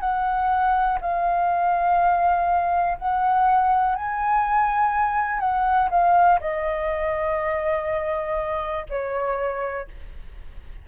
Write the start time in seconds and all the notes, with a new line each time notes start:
0.00 F#5
1.01 F5
2.98 F#5
3.95 G#5
5.39 F#5
5.90 F5
6.40 D#5
8.89 C#5